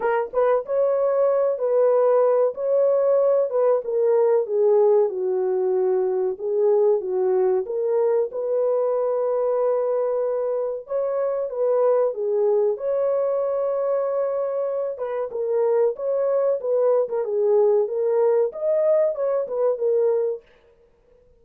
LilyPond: \new Staff \with { instrumentName = "horn" } { \time 4/4 \tempo 4 = 94 ais'8 b'8 cis''4. b'4. | cis''4. b'8 ais'4 gis'4 | fis'2 gis'4 fis'4 | ais'4 b'2.~ |
b'4 cis''4 b'4 gis'4 | cis''2.~ cis''8 b'8 | ais'4 cis''4 b'8. ais'16 gis'4 | ais'4 dis''4 cis''8 b'8 ais'4 | }